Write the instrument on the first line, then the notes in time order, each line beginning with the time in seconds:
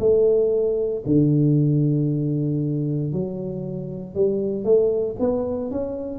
tuba
0.00 A3
1.06 D3
3.13 F#3
4.15 G3
4.64 A3
5.20 B3
5.71 C#4